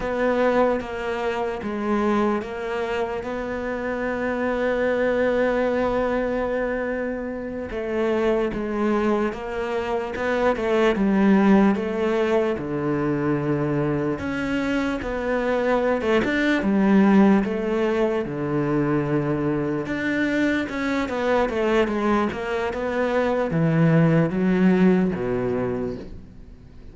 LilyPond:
\new Staff \with { instrumentName = "cello" } { \time 4/4 \tempo 4 = 74 b4 ais4 gis4 ais4 | b1~ | b4. a4 gis4 ais8~ | ais8 b8 a8 g4 a4 d8~ |
d4. cis'4 b4~ b16 a16 | d'8 g4 a4 d4.~ | d8 d'4 cis'8 b8 a8 gis8 ais8 | b4 e4 fis4 b,4 | }